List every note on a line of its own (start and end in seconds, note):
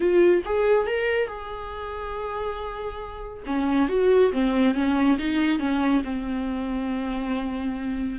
0.00 0.42 F4
0.45 0.87 G#4
0.87 1.27 A#4
1.27 3.43 G#4
3.46 3.88 C#4
3.88 4.32 F#4
4.32 4.74 C4
4.74 5.17 C#4
5.18 5.59 D#4
5.59 6.02 C#4
6.04 8.18 C4